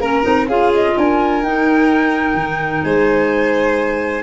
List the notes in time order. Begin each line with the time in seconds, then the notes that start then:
0.00 A#3 C#4 A#4 A#5
0.23 C4 D#4
0.47 C#4 F4 G#4 F5
0.75 D#5
0.97 D4 A#4 G#5
1.42 D#4 G5
2.34 D#3
2.84 G#3 C5 G#5